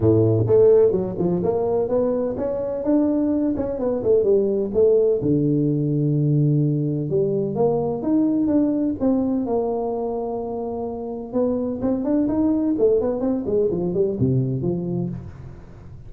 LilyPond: \new Staff \with { instrumentName = "tuba" } { \time 4/4 \tempo 4 = 127 a,4 a4 fis8 f8 ais4 | b4 cis'4 d'4. cis'8 | b8 a8 g4 a4 d4~ | d2. g4 |
ais4 dis'4 d'4 c'4 | ais1 | b4 c'8 d'8 dis'4 a8 b8 | c'8 gis8 f8 g8 c4 f4 | }